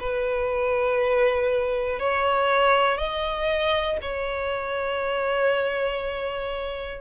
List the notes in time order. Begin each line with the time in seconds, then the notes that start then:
0.00 B4
2.00 C#5
2.98 D#5
4.01 C#5